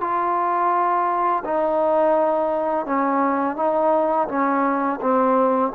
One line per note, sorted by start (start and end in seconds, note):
0.00 1.43 F4
1.44 2.85 D#4
2.85 3.56 C#4
3.56 4.27 D#4
4.28 4.99 C#4
5.01 5.72 C4